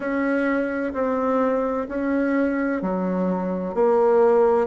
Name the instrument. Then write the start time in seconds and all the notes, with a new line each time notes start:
bassoon
0.00 C#4
0.93 C4
1.88 C#4
2.82 F#3
3.74 A#3